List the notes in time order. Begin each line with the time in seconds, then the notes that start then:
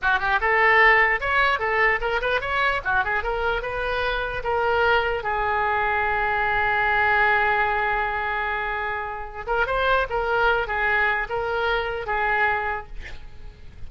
0.02 F#4
0.19 G4
0.40 A4
1.20 C#5
1.59 A4
2.00 A#4
2.21 B4
2.41 C#5
2.84 F#4
3.04 G#4
3.23 A#4
3.62 B4
4.43 A#4
5.23 G#4
9.46 A#4
9.66 C5
10.09 A#4
10.67 G#4
11.29 A#4
12.06 G#4